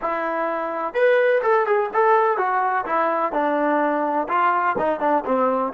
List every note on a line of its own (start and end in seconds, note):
0.01 0.94 E4
0.94 1.41 B4
1.42 1.66 A4
1.66 1.90 G#4
1.93 2.37 A4
2.37 2.85 F#4
2.85 3.32 E4
3.32 4.27 D4
4.28 4.76 F4
4.78 5.00 D#4
5.00 5.23 D4
5.25 5.73 C4